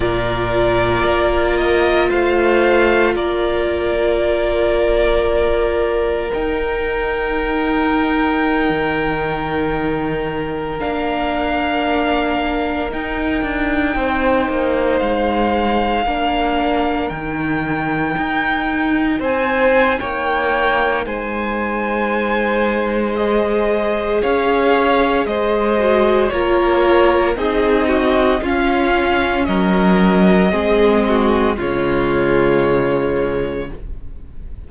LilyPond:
<<
  \new Staff \with { instrumentName = "violin" } { \time 4/4 \tempo 4 = 57 d''4. dis''8 f''4 d''4~ | d''2 g''2~ | g''2~ g''16 f''4.~ f''16~ | f''16 g''2 f''4.~ f''16~ |
f''16 g''2 gis''8. g''4 | gis''2 dis''4 f''4 | dis''4 cis''4 dis''4 f''4 | dis''2 cis''2 | }
  \new Staff \with { instrumentName = "violin" } { \time 4/4 ais'2 c''4 ais'4~ | ais'1~ | ais'1~ | ais'4~ ais'16 c''2 ais'8.~ |
ais'2~ ais'16 c''8. cis''4 | c''2. cis''4 | c''4 ais'4 gis'8 fis'8 f'4 | ais'4 gis'8 fis'8 f'2 | }
  \new Staff \with { instrumentName = "viola" } { \time 4/4 f'1~ | f'2 dis'2~ | dis'2~ dis'16 d'4.~ d'16~ | d'16 dis'2. d'8.~ |
d'16 dis'2.~ dis'8.~ | dis'2 gis'2~ | gis'8 fis'8 f'4 dis'4 cis'4~ | cis'4 c'4 gis2 | }
  \new Staff \with { instrumentName = "cello" } { \time 4/4 ais,4 ais4 a4 ais4~ | ais2 dis'2~ | dis'16 dis2 ais4.~ ais16~ | ais16 dis'8 d'8 c'8 ais8 gis4 ais8.~ |
ais16 dis4 dis'4 c'8. ais4 | gis2. cis'4 | gis4 ais4 c'4 cis'4 | fis4 gis4 cis2 | }
>>